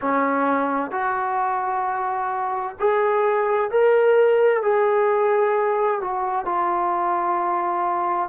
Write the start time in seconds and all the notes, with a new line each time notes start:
0.01 C#4
0.91 F#4
2.79 G#4
3.70 A#4
4.62 G#4
6.00 F#4
6.45 F4